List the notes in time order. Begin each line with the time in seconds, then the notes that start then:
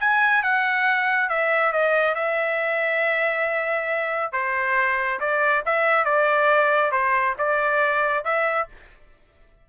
0.00 G#5
0.43 F#5
1.29 E5
1.73 D#5
2.15 E5
4.33 C5
5.20 D5
5.66 E5
6.05 D5
6.92 C5
7.39 D5
8.25 E5